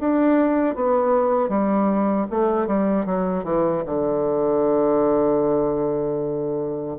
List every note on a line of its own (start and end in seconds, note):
0.00 0.75 D4
0.75 1.49 B3
1.49 2.27 G3
2.31 2.67 A3
2.67 3.06 G3
3.06 3.44 F#3
3.44 3.83 E3
3.86 6.98 D3